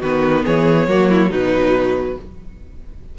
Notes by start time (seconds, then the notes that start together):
0.00 D#3 B3 F#4 B4
0.45 E3 G#4 C#5
0.88 F#3 A#3 F#4
1.10 E4
1.30 B2 F#3 D#4 B4